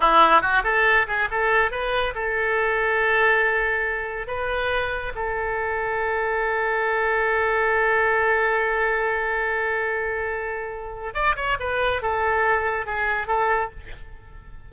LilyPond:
\new Staff \with { instrumentName = "oboe" } { \time 4/4 \tempo 4 = 140 e'4 fis'8 a'4 gis'8 a'4 | b'4 a'2.~ | a'2 b'2 | a'1~ |
a'1~ | a'1~ | a'2 d''8 cis''8 b'4 | a'2 gis'4 a'4 | }